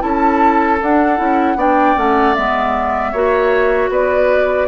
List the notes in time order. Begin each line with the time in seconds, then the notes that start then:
0.00 C#4 E4 A4 A5
0.80 D4 F#5
1.17 C#4 E4
1.55 B3 D4 D5 G5
1.96 A3 C#4 F#5
2.34 G#3 B3 E5
3.12 A#3 F#4 C#5
3.89 B3 B4 D5